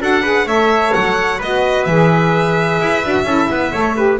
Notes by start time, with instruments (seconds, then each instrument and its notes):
0.00 double bass D4, saxophone F#4, trumpet A4, violin F#5
0.22 saxophone G#4, trumpet B4
0.46 double bass A3, saxophone A4, trumpet C#5, violin E5
0.93 double bass F#3, violin F#5
1.38 double bass B3, trumpet B4, violin D#5
1.44 saxophone F#4
1.85 double bass E3, saxophone G#4, violin E5
2.81 double bass E4
3.04 double bass D4, saxophone F#4
3.24 double bass C#4, saxophone E4, trumpet A4
3.50 double bass B3, trumpet B4
3.72 double bass A3, saxophone A4, trumpet C#5
3.95 saxophone G4, trumpet B4